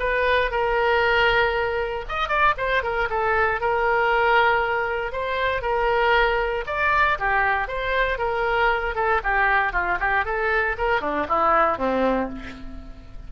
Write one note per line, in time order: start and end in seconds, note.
0.00 0.51 B4
0.52 2.05 A#4
2.09 2.29 D#5
2.29 2.55 D5
2.58 2.83 C5
2.83 3.09 A#4
3.10 3.61 A4
3.61 5.13 A#4
5.13 5.62 C5
5.62 6.65 A#4
6.67 7.18 D5
7.19 7.68 G4
7.68 8.18 C5
8.18 8.95 A#4
8.96 9.21 A4
9.24 9.73 G4
9.73 9.99 F4
10.00 10.25 G4
10.25 10.76 A4
10.78 11.01 A#4
11.01 11.27 D4
11.29 11.78 E4
11.78 12.29 C4